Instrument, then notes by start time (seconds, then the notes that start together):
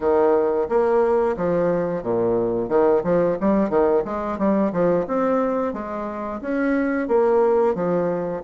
bassoon
0.00 D#3
0.68 A#3
1.36 F3
2.02 A#2
2.68 D#3
3.03 F3
3.40 G3
3.69 D#3
4.04 G#3
4.38 G3
4.72 F3
5.07 C4
5.73 G#3
6.41 C#4
7.08 A#3
7.75 F3